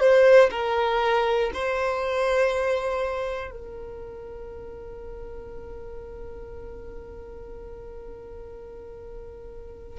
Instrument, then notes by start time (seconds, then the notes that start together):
violin
0.00 C5
0.51 A#4
1.54 C5
3.50 A#4